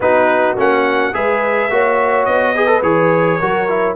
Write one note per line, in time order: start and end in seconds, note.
0.00 0.55 B3
0.00 0.56 D#4
0.00 1.14 F#4
0.00 0.57 B4
0.56 1.13 A#3
0.56 1.13 C#4
0.56 1.14 F#5
1.13 1.70 G#3
1.13 1.69 G#4
1.13 1.71 B4
1.13 2.25 E5
1.70 2.26 A#3
1.70 2.55 F#4
1.70 2.54 C#5
2.25 2.82 B3
2.25 2.81 D#5
2.54 2.66 G#4
2.54 3.39 B4
2.66 2.80 A4
2.82 3.39 E3
2.82 3.39 G#4
2.82 3.95 C#5
3.39 3.95 F#3
3.39 3.68 F#4
3.39 3.95 A#4
3.68 3.95 E4